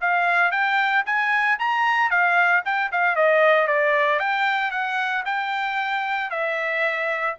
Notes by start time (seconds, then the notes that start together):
0.00 F5
0.51 G5
1.06 G#5
1.58 A#5
2.10 F5
2.64 G5
2.91 F5
3.16 D#5
3.67 D5
4.19 G5
4.71 F#5
5.25 G5
6.30 E5